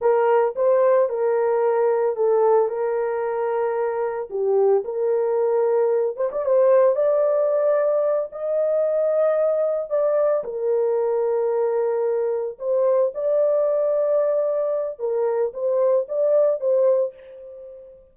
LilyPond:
\new Staff \with { instrumentName = "horn" } { \time 4/4 \tempo 4 = 112 ais'4 c''4 ais'2 | a'4 ais'2. | g'4 ais'2~ ais'8 c''16 d''16 | c''4 d''2~ d''8 dis''8~ |
dis''2~ dis''8 d''4 ais'8~ | ais'2.~ ais'8 c''8~ | c''8 d''2.~ d''8 | ais'4 c''4 d''4 c''4 | }